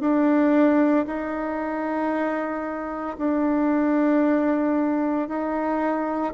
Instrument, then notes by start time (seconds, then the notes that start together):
bassoon
0.00 D4
1.06 D#4
3.18 D4
5.28 D#4